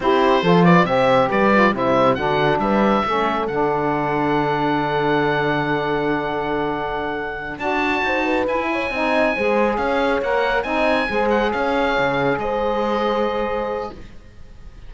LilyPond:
<<
  \new Staff \with { instrumentName = "oboe" } { \time 4/4 \tempo 4 = 138 c''4. d''8 e''4 d''4 | e''4 fis''4 e''2 | fis''1~ | fis''1~ |
fis''4. a''2 gis''8~ | gis''2~ gis''8 f''4 fis''8~ | fis''8 gis''4. fis''8 f''4.~ | f''8 dis''2.~ dis''8 | }
  \new Staff \with { instrumentName = "horn" } { \time 4/4 g'4 a'8 b'8 c''4 b'4 | c''4 fis'4 b'4 a'4~ | a'1~ | a'1~ |
a'4. d''4 c''8 b'4 | cis''8 dis''4 c''4 cis''4.~ | cis''8 dis''4 c''4 cis''4.~ | cis''8 c''2.~ c''8 | }
  \new Staff \with { instrumentName = "saxophone" } { \time 4/4 e'4 f'4 g'4. f'8 | e'4 d'2 cis'4 | d'1~ | d'1~ |
d'4. fis'2 e'8~ | e'8 dis'4 gis'2 ais'8~ | ais'8 dis'4 gis'2~ gis'8~ | gis'1 | }
  \new Staff \with { instrumentName = "cello" } { \time 4/4 c'4 f4 c4 g4 | c4 d4 g4 a4 | d1~ | d1~ |
d4. d'4 dis'4 e'8~ | e'8 c'4 gis4 cis'4 ais8~ | ais8 c'4 gis4 cis'4 cis8~ | cis8 gis2.~ gis8 | }
>>